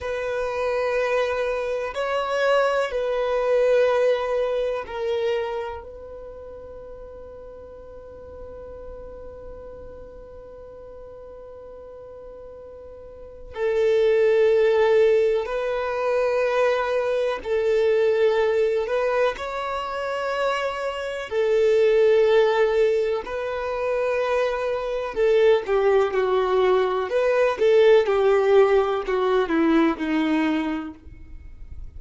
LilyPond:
\new Staff \with { instrumentName = "violin" } { \time 4/4 \tempo 4 = 62 b'2 cis''4 b'4~ | b'4 ais'4 b'2~ | b'1~ | b'2 a'2 |
b'2 a'4. b'8 | cis''2 a'2 | b'2 a'8 g'8 fis'4 | b'8 a'8 g'4 fis'8 e'8 dis'4 | }